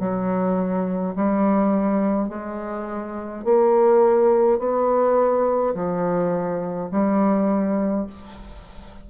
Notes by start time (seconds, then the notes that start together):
0.00 F#3
1.16 G3
2.29 G#3
3.45 A#3
4.59 B3
5.75 F3
6.92 G3